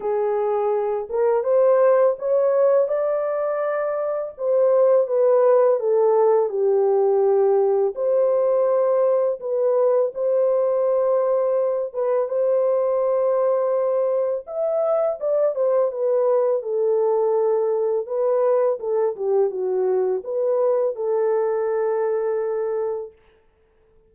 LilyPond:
\new Staff \with { instrumentName = "horn" } { \time 4/4 \tempo 4 = 83 gis'4. ais'8 c''4 cis''4 | d''2 c''4 b'4 | a'4 g'2 c''4~ | c''4 b'4 c''2~ |
c''8 b'8 c''2. | e''4 d''8 c''8 b'4 a'4~ | a'4 b'4 a'8 g'8 fis'4 | b'4 a'2. | }